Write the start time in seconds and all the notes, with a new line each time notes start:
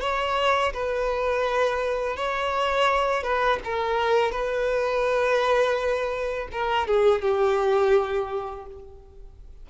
0.00 C#5
0.73 B4
2.16 C#5
3.23 B4
3.64 A#4
4.31 B4
6.52 A#4
6.87 G#4
7.21 G4